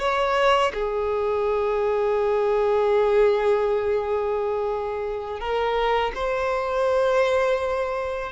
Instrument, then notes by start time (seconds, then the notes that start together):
violin
0.00 C#5
0.74 G#4
5.40 A#4
6.15 C5